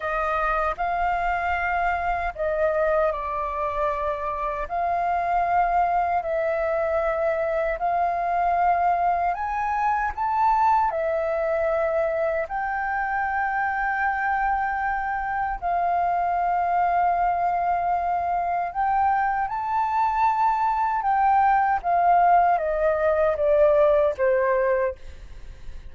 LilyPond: \new Staff \with { instrumentName = "flute" } { \time 4/4 \tempo 4 = 77 dis''4 f''2 dis''4 | d''2 f''2 | e''2 f''2 | gis''4 a''4 e''2 |
g''1 | f''1 | g''4 a''2 g''4 | f''4 dis''4 d''4 c''4 | }